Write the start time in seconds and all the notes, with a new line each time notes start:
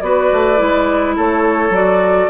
0.00 B3 F#4 B4 D5
0.32 A3
0.56 G#3 E4
1.16 A3 A4 C#5
1.69 F#3 F#4 D5